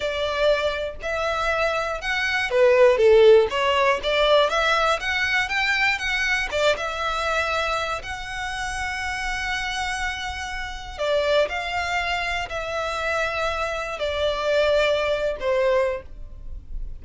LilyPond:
\new Staff \with { instrumentName = "violin" } { \time 4/4 \tempo 4 = 120 d''2 e''2 | fis''4 b'4 a'4 cis''4 | d''4 e''4 fis''4 g''4 | fis''4 d''8 e''2~ e''8 |
fis''1~ | fis''2 d''4 f''4~ | f''4 e''2. | d''2~ d''8. c''4~ c''16 | }